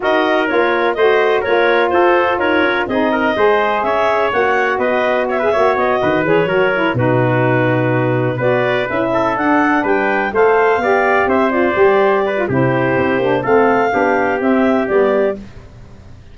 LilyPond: <<
  \new Staff \with { instrumentName = "clarinet" } { \time 4/4 \tempo 4 = 125 dis''4 cis''4 dis''4 cis''4 | c''4 cis''4 dis''2 | e''4 fis''4 dis''4 e''4 | dis''4 cis''4. b'4.~ |
b'4. d''4 e''4 fis''8~ | fis''8 g''4 f''2 e''8 | d''2 c''2 | f''2 e''4 d''4 | }
  \new Staff \with { instrumentName = "trumpet" } { \time 4/4 ais'2 c''4 ais'4 | a'4 ais'4 gis'8 ais'8 c''4 | cis''2 b'4 cis''16 b'16 cis''8~ | cis''8 b'4 ais'4 fis'4.~ |
fis'4. b'4. a'4~ | a'8 b'4 c''4 d''4 c''8~ | c''4. b'8 g'2 | a'4 g'2. | }
  \new Staff \with { instrumentName = "saxophone" } { \time 4/4 fis'4 f'4 fis'4 f'4~ | f'2 dis'4 gis'4~ | gis'4 fis'2~ fis'16 gis'16 fis'8~ | fis'4 gis'8 fis'8 e'8 dis'4.~ |
dis'4. fis'4 e'4 d'8~ | d'4. a'4 g'4. | f'8 g'4~ g'16 f'16 e'4. d'8 | c'4 d'4 c'4 b4 | }
  \new Staff \with { instrumentName = "tuba" } { \time 4/4 dis'4 ais4 a4 ais4 | f'4 dis'8 cis'8 c'4 gis4 | cis'4 ais4 b4. ais8 | b8 dis8 e8 fis4 b,4.~ |
b,4. b4 cis'4 d'8~ | d'8 g4 a4 b4 c'8~ | c'8 g4. c4 c'8 ais8 | a4 b4 c'4 g4 | }
>>